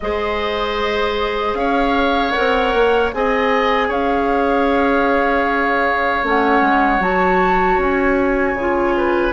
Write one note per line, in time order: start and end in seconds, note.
0.00 1.54 G#3
0.00 2.34 G#4
0.00 1.58 C5
0.00 1.54 D#5
1.54 2.32 C#4
1.54 3.14 C#5
1.54 2.31 F5
2.31 3.12 A#4
2.31 3.09 F#5
2.38 2.73 C4
2.73 3.12 A#3
3.13 3.89 C4
3.13 6.24 G#4
3.13 3.87 D#5
3.13 3.91 G#5
3.87 6.22 C#4
3.87 8.94 C#5
3.87 6.25 F5
6.23 6.60 A3
6.23 7.00 C#4
6.23 7.02 F#5
6.60 6.99 G#3
6.99 7.77 F#3
6.99 8.56 F#4
6.99 7.80 A5
7.77 8.54 C#4
7.77 9.32 G#5
8.54 9.31 C#3
8.54 9.32 F4
8.96 9.32 B4